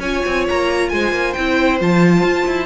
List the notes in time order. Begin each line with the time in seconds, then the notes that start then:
0.00 C#4 F4 C#5 G#5
0.26 C4
0.49 A#3 A#5
0.90 G#3 C5 G#5
1.12 A#3
1.34 C4 E4 G5
1.81 F3 F4 A5
2.23 F4
2.47 E4